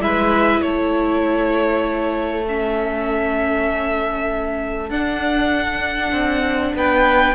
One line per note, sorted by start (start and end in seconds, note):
0.00 0.61 G#3
0.00 2.46 E4
0.00 0.63 B4
0.00 0.62 E5
0.62 4.90 A3
0.62 6.76 A4
0.62 2.45 C#5
2.47 4.91 C#4
2.47 4.90 E5
4.90 6.12 D4
4.90 7.35 D4
4.90 6.74 F#5
6.13 6.74 C4
6.74 7.35 B3
6.74 7.35 B4
6.74 7.35 G5